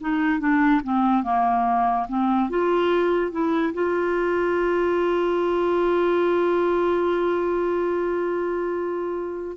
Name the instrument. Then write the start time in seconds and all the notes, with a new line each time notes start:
clarinet
0.00 D#4
0.39 D4
0.83 C4
1.23 A#3
2.08 C4
2.50 F4
3.31 E4
3.73 F4